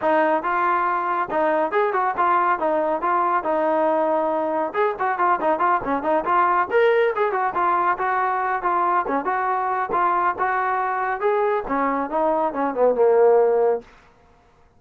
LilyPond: \new Staff \with { instrumentName = "trombone" } { \time 4/4 \tempo 4 = 139 dis'4 f'2 dis'4 | gis'8 fis'8 f'4 dis'4 f'4 | dis'2. gis'8 fis'8 | f'8 dis'8 f'8 cis'8 dis'8 f'4 ais'8~ |
ais'8 gis'8 fis'8 f'4 fis'4. | f'4 cis'8 fis'4. f'4 | fis'2 gis'4 cis'4 | dis'4 cis'8 b8 ais2 | }